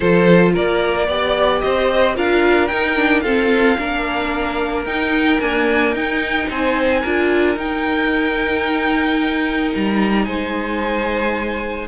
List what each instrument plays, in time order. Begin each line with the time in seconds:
0.00 cello F3, viola F4, violin A4 C5
0.52 cello A#3, violin A#4 D5
1.07 cello B3, viola G4, violin D5
1.60 cello C4, violin C5 D#5
2.14 cello D4, viola F4, violin A#4 F5
2.67 viola D#4, cello D#4, violin G5
2.95 viola D4
3.20 viola C4, cello F4, violin A4 F5
3.78 cello A#3, viola D4, violin A#4
4.85 cello D#4, viola D#4, violin G5
5.40 viola A#3, cello D4, violin G#5
5.92 cello D#4, viola D#4, violin G5
6.49 cello C4, violin C5 G#5
7.01 cello D4, viola F4, violin A#4
7.56 viola D#4, cello D#4, violin G5
9.74 cello G3, violin A#5
10.24 cello G#3, violin C5 G#5